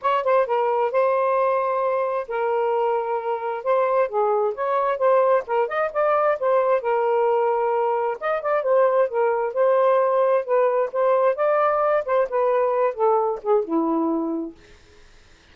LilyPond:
\new Staff \with { instrumentName = "saxophone" } { \time 4/4 \tempo 4 = 132 cis''8 c''8 ais'4 c''2~ | c''4 ais'2. | c''4 gis'4 cis''4 c''4 | ais'8 dis''8 d''4 c''4 ais'4~ |
ais'2 dis''8 d''8 c''4 | ais'4 c''2 b'4 | c''4 d''4. c''8 b'4~ | b'8 a'4 gis'8 e'2 | }